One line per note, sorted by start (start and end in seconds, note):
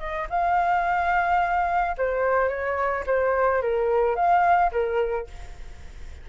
0.00 0.28 D#5
0.30 1.96 F5
1.98 2.49 C5
2.49 3.05 C#5
3.07 3.62 C5
3.62 4.16 A#4
4.16 4.71 F5
4.72 5.28 A#4